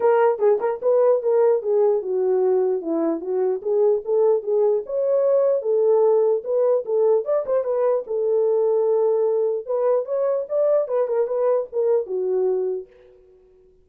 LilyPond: \new Staff \with { instrumentName = "horn" } { \time 4/4 \tempo 4 = 149 ais'4 gis'8 ais'8 b'4 ais'4 | gis'4 fis'2 e'4 | fis'4 gis'4 a'4 gis'4 | cis''2 a'2 |
b'4 a'4 d''8 c''8 b'4 | a'1 | b'4 cis''4 d''4 b'8 ais'8 | b'4 ais'4 fis'2 | }